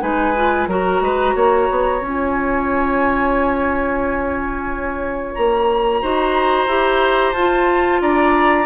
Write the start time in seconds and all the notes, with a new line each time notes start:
0.00 G#3 D#4 B4 G#5
0.36 F4
0.67 F#3 F#4 A#4 A#5
1.01 G#3 B4
1.35 A#3 C#5
1.70 B3
2.01 C#4 F4 G#5
5.34 A#3 A#5
6.02 D#4 F#4 C5
6.67 E4 G4
7.33 F4 A5
8.00 D4 D5 A#5